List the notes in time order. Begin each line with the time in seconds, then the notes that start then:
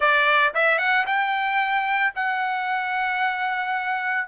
0.00 D5
0.54 E5
0.78 F#5
1.06 G5
2.15 F#5